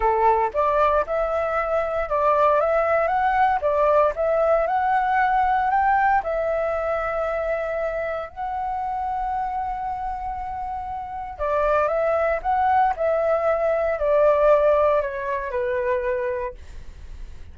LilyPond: \new Staff \with { instrumentName = "flute" } { \time 4/4 \tempo 4 = 116 a'4 d''4 e''2 | d''4 e''4 fis''4 d''4 | e''4 fis''2 g''4 | e''1 |
fis''1~ | fis''2 d''4 e''4 | fis''4 e''2 d''4~ | d''4 cis''4 b'2 | }